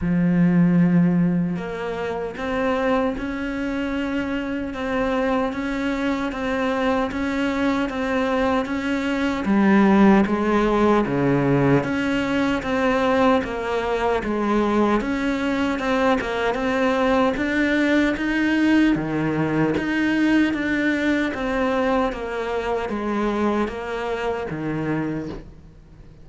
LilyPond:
\new Staff \with { instrumentName = "cello" } { \time 4/4 \tempo 4 = 76 f2 ais4 c'4 | cis'2 c'4 cis'4 | c'4 cis'4 c'4 cis'4 | g4 gis4 cis4 cis'4 |
c'4 ais4 gis4 cis'4 | c'8 ais8 c'4 d'4 dis'4 | dis4 dis'4 d'4 c'4 | ais4 gis4 ais4 dis4 | }